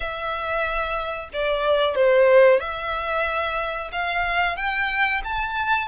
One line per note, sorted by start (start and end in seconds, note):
0.00 1.29 E5
1.33 1.95 D5
1.95 2.60 C5
2.60 3.90 E5
3.91 4.56 F5
4.56 5.21 G5
5.24 5.88 A5